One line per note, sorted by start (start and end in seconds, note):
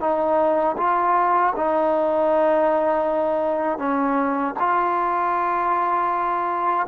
0.00 0.76 D#4
0.77 1.53 F4
1.56 3.78 D#4
3.78 4.54 C#4
4.59 6.87 F4